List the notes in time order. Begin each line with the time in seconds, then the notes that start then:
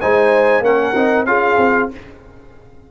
0.00 G#3 D#4 C5 G#5
0.60 A#3 C#4 A#4 F#5
0.94 C4 D#4
1.25 C#4 F4 G#4 F5
1.57 C4